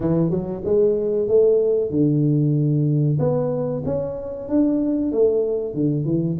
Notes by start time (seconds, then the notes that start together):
0.00 E3
0.30 F#3
0.64 G#3
1.28 A3
1.90 D3
3.19 B3
3.85 C#4
4.49 D4
5.12 A3
5.74 D3
6.05 E3